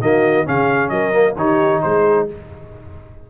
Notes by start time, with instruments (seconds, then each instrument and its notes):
0.00 tuba D#3, trombone A#3, horn F#4, trumpet D#5
0.45 tuba C#3, trombone C#4, horn G#4, trumpet F5
0.89 tuba F#3, horn A#4, trumpet D#5
1.12 trombone A#3
1.35 tuba D#3, trombone D#4, horn G4, trumpet C#5
1.81 tuba G#3, horn G#4, trumpet C5